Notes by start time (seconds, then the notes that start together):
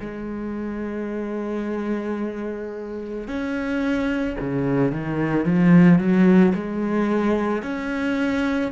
0.00 G#3
3.27 C#4
4.39 C#3
4.92 D#3
5.45 F3
5.99 F#3
6.55 G#3
7.62 C#4